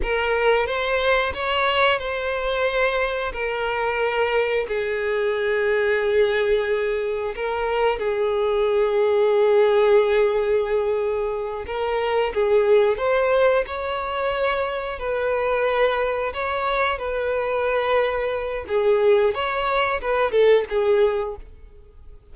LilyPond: \new Staff \with { instrumentName = "violin" } { \time 4/4 \tempo 4 = 90 ais'4 c''4 cis''4 c''4~ | c''4 ais'2 gis'4~ | gis'2. ais'4 | gis'1~ |
gis'4. ais'4 gis'4 c''8~ | c''8 cis''2 b'4.~ | b'8 cis''4 b'2~ b'8 | gis'4 cis''4 b'8 a'8 gis'4 | }